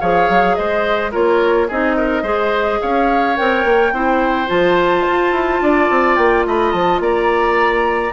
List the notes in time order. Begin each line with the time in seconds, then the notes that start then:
0.00 F3 G#4 C#5 F5
0.29 F#3
0.55 G#3 C5 D#5
1.11 A#3 F4 A#4 C#5
1.68 C4 D#4 G#4 D#5
1.97 A#4
2.22 G#3 G#4 C5
2.81 C#4 C#5 F5
3.36 C4 A#4 G5
3.64 A#3
3.92 C4 E4 C5
4.47 F3 F4 A5
5.07 F4
5.31 E4
5.61 D4 D5
5.89 C4
6.16 A#3 G5
6.46 A3 D#5 B5
6.72 F3 A5
6.99 A#3 D5 A#5